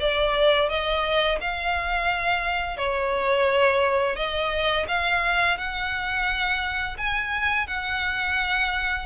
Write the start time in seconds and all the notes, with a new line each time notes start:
0.00 D5
0.70 D#5
1.41 F5
2.78 C#5
4.17 D#5
4.88 F5
5.58 F#5
6.98 G#5
7.67 F#5